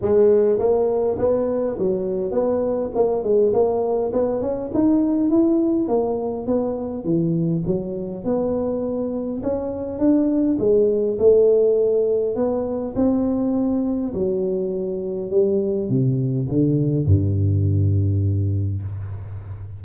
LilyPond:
\new Staff \with { instrumentName = "tuba" } { \time 4/4 \tempo 4 = 102 gis4 ais4 b4 fis4 | b4 ais8 gis8 ais4 b8 cis'8 | dis'4 e'4 ais4 b4 | e4 fis4 b2 |
cis'4 d'4 gis4 a4~ | a4 b4 c'2 | fis2 g4 c4 | d4 g,2. | }